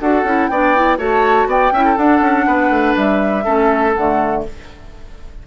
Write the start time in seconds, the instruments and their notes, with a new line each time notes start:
0.00 bassoon D4, clarinet F#4, oboe A4, flute F#5
0.23 bassoon C#4, clarinet E4
0.47 bassoon B3, clarinet D4, oboe D5, flute G5
0.75 clarinet E4
0.98 bassoon A3, clarinet F#4, oboe C#5, flute A5
1.46 bassoon B3, oboe D5, flute G5
1.71 bassoon C#4, clarinet E4, oboe E5
1.84 oboe A4
1.97 bassoon D4, clarinet D4, flute F#5
2.21 bassoon C#4
2.46 bassoon B3, oboe B4
2.69 bassoon A3
2.96 bassoon G3, flute E5
3.44 bassoon A3, clarinet C#4, oboe A4
3.94 bassoon D3, clarinet A3, flute F#5